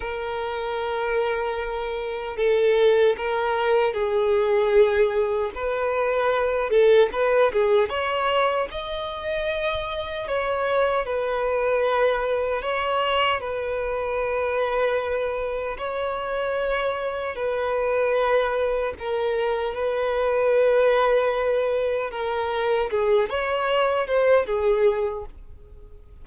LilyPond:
\new Staff \with { instrumentName = "violin" } { \time 4/4 \tempo 4 = 76 ais'2. a'4 | ais'4 gis'2 b'4~ | b'8 a'8 b'8 gis'8 cis''4 dis''4~ | dis''4 cis''4 b'2 |
cis''4 b'2. | cis''2 b'2 | ais'4 b'2. | ais'4 gis'8 cis''4 c''8 gis'4 | }